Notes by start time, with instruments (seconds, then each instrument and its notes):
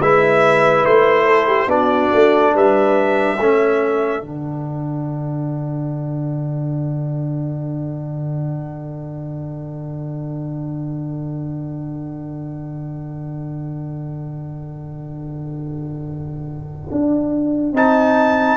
0.00 tuba G#3, trombone E4, horn B4, trumpet E5
0.85 tuba A3, trumpet C5
1.26 horn A4
1.47 horn G4
1.67 tuba B3, trombone D4, horn F#4, trumpet D5
2.13 tuba A3
2.54 tuba G3, horn B4, trumpet E5
3.38 tuba A3, trombone C#4, horn A4
4.21 tuba D3, trombone D4, trumpet F#5
16.91 tuba D4
17.73 tuba C4, trombone D#4, trumpet A5